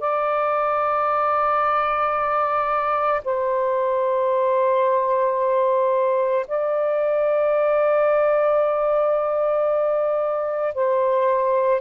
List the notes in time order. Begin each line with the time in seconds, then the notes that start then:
0.00 D5
3.24 C5
6.48 D5
10.74 C5